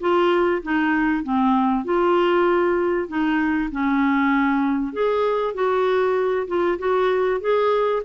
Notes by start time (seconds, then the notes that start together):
0.00 F4
0.62 D#4
1.23 C4
1.84 F4
3.08 D#4
3.71 C#4
4.93 G#4
5.54 F#4
6.47 F4
6.78 F#4
7.41 G#4